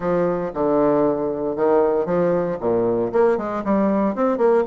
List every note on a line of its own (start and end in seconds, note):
0.00 0.51 F3
0.54 1.56 D3
1.56 2.05 D#3
2.05 2.57 F3
2.60 3.12 A#2
3.12 3.37 A#3
3.37 3.63 G#3
3.64 4.15 G3
4.15 4.37 C4
4.37 4.63 A#3